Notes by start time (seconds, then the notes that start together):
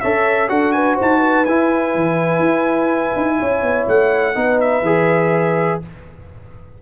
0.00 C#4 A4 C#5 E5
0.48 D4 F#4 A4 F#5
0.71 B4 G#5
0.95 C5
1.01 D#4 A5
1.18 B4
1.45 E4 G#5
1.94 E3
2.39 E4
3.16 D#4
3.39 C#4 C#5
3.62 B3
3.88 A3 F#5
4.34 B3 D#4 B4
4.60 E5
4.81 E3 G#4